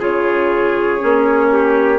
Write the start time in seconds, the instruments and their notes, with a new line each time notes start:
0.00 bassoon C#3, clarinet F4, trumpet G#4, flute C#5
1.00 bassoon A#3, clarinet C#4
1.52 trumpet G4